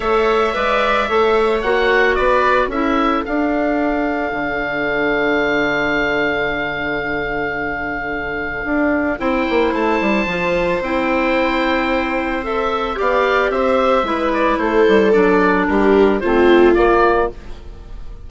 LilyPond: <<
  \new Staff \with { instrumentName = "oboe" } { \time 4/4 \tempo 4 = 111 e''2. fis''4 | d''4 e''4 f''2~ | f''1~ | f''1~ |
f''4 g''4 a''2 | g''2. e''4 | f''4 e''4. d''8 c''4 | d''4 ais'4 c''4 d''4 | }
  \new Staff \with { instrumentName = "viola" } { \time 4/4 cis''4 d''4 cis''2 | b'4 a'2.~ | a'1~ | a'1~ |
a'4 c''2.~ | c''1 | d''4 c''4 b'4 a'4~ | a'4 g'4 f'2 | }
  \new Staff \with { instrumentName = "clarinet" } { \time 4/4 a'4 b'4 a'4 fis'4~ | fis'4 e'4 d'2~ | d'1~ | d'1~ |
d'4 e'2 f'4 | e'2. a'4 | g'2 e'2 | d'2 c'4 ais4 | }
  \new Staff \with { instrumentName = "bassoon" } { \time 4/4 a4 gis4 a4 ais4 | b4 cis'4 d'2 | d1~ | d1 |
d'4 c'8 ais8 a8 g8 f4 | c'1 | b4 c'4 gis4 a8 g8 | fis4 g4 a4 ais4 | }
>>